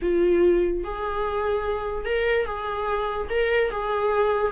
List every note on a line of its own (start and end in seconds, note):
0.02 0.84 F4
0.84 2.05 G#4
2.05 2.45 A#4
2.45 3.28 G#4
3.29 3.70 A#4
3.70 4.51 G#4